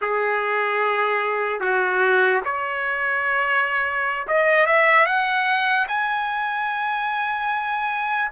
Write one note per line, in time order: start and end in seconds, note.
0.01 1.60 G#4
1.60 2.41 F#4
2.44 4.27 C#5
4.27 4.66 D#5
4.66 5.05 E5
5.05 5.86 F#5
5.88 8.31 G#5